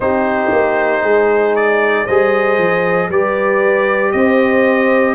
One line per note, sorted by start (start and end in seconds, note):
0.00 0.50 C4
0.00 2.07 D#4
0.00 1.02 G4
0.00 1.55 C5
0.52 1.03 A#3
1.02 2.06 G#3
1.02 2.05 G#4
1.55 2.06 D5
2.05 2.58 G3
2.05 3.11 G#4
2.05 3.09 C5
2.05 3.09 D#5
2.58 3.09 F3
3.09 4.12 G3
3.09 5.15 G4
3.09 4.13 B4
3.09 4.11 D5
4.11 5.15 C4
4.11 5.15 C5
4.11 5.15 D#5